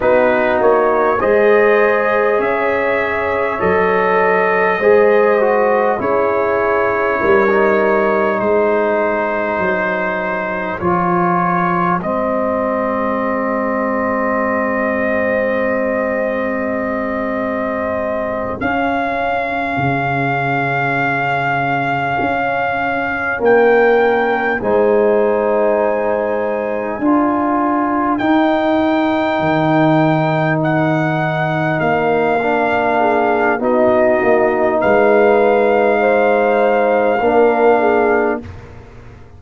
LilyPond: <<
  \new Staff \with { instrumentName = "trumpet" } { \time 4/4 \tempo 4 = 50 b'8 cis''8 dis''4 e''4 dis''4~ | dis''4 cis''2 c''4~ | c''4 cis''4 dis''2~ | dis''2.~ dis''8 f''8~ |
f''2.~ f''8 g''8~ | g''8 gis''2. g''8~ | g''4. fis''4 f''4. | dis''4 f''2. | }
  \new Staff \with { instrumentName = "horn" } { \time 4/4 fis'4 c''4 cis''2 | c''4 gis'4 ais'4 gis'4~ | gis'1~ | gis'1~ |
gis'2.~ gis'8 ais'8~ | ais'8 c''2 ais'4.~ | ais'2.~ ais'8 gis'8 | fis'4 b'4 c''4 ais'8 gis'8 | }
  \new Staff \with { instrumentName = "trombone" } { \time 4/4 dis'4 gis'2 a'4 | gis'8 fis'8 e'4~ e'16 dis'4.~ dis'16~ | dis'4 f'4 c'2~ | c'2.~ c'8 cis'8~ |
cis'1~ | cis'8 dis'2 f'4 dis'8~ | dis'2. d'4 | dis'2. d'4 | }
  \new Staff \with { instrumentName = "tuba" } { \time 4/4 b8 ais8 gis4 cis'4 fis4 | gis4 cis'4 g4 gis4 | fis4 f4 gis2~ | gis2.~ gis8 cis'8~ |
cis'8 cis2 cis'4 ais8~ | ais8 gis2 d'4 dis'8~ | dis'8 dis2 ais4. | b8 ais8 gis2 ais4 | }
>>